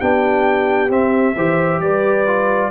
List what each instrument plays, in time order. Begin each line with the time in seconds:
0.00 tuba B3, trombone D4, horn G4, trumpet G5
0.90 trombone C4, tuba C4, trumpet E5
1.35 tuba E3, trombone G4, horn C5
1.80 tuba G3, horn B4, trumpet D5
2.27 trombone F4